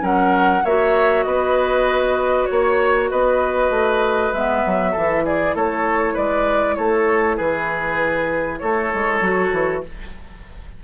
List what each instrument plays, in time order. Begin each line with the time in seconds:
0.00 bassoon F#3, clarinet C#4, oboe A#4, flute F#5
0.64 bassoon A#3, clarinet F#4, oboe C#5, flute E5
1.23 bassoon B3, oboe B4, flute D#5
2.45 bassoon A#3, flute C#5, oboe C#5
3.10 bassoon B3, oboe B4, flute D#5
3.70 bassoon A3
4.33 bassoon G#3, clarinet B3, flute E5
4.66 bassoon F#3
4.92 bassoon E3, clarinet E4, oboe A4
5.25 oboe G#4, flute D5
5.55 bassoon A3, oboe A4, flute C#5
6.13 bassoon G#3, oboe B4, flute D5
6.75 bassoon A3, oboe A4, flute C#5
7.36 bassoon E3, oboe G#4, flute B4
8.58 bassoon A3, oboe A4, flute C#5
8.93 bassoon G#3
9.21 bassoon F#3, clarinet F#4
9.52 bassoon E3